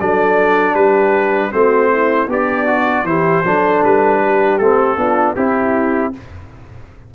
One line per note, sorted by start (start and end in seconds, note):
0.00 0.74 F#3
0.00 1.51 D4
0.00 0.74 A4
0.00 0.75 D5
0.74 1.51 G3
0.74 1.50 G4
0.74 1.51 B4
1.51 2.27 A3
1.51 2.28 C4
1.51 1.91 F#4
1.51 2.29 C5
1.91 2.29 E4
2.27 3.04 B3
2.27 3.06 D4
2.27 2.67 G4
2.27 3.06 D5
2.67 3.05 F#4
3.04 3.42 E3
3.04 3.44 E4
3.04 3.45 G4
3.04 3.83 C5
3.44 3.83 F#3
3.44 4.60 D4
3.44 4.21 A4
3.84 4.59 G3
3.84 4.58 B4
4.21 4.97 G4
4.58 4.96 A3
4.58 4.97 C4
4.58 5.35 A4
4.96 5.35 B3
4.96 5.36 D4
4.96 5.36 F4
5.36 6.13 C4
5.36 6.13 E4
5.36 6.14 E4
5.36 6.13 G4